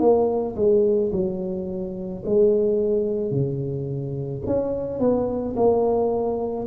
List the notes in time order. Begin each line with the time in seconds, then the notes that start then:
0.00 A#3
0.56 G#3
1.13 F#3
2.26 G#3
3.31 C#3
4.46 C#4
5.00 B3
5.57 A#3